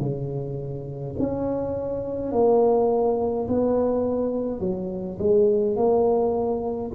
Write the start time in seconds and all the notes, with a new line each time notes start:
0.00 C#3
1.19 C#4
2.32 A#3
3.48 B3
4.59 F#3
5.19 G#3
5.76 A#3